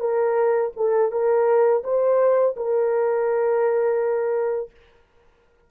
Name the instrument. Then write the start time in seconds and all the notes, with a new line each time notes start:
horn
0.00 A#4
0.76 A4
1.12 A#4
1.84 C5
2.56 A#4